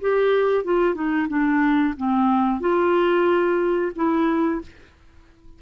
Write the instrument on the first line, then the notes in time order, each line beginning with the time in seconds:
clarinet
0.00 G4
0.64 F4
0.94 D#4
1.28 D4
1.97 C4
2.60 F4
3.95 E4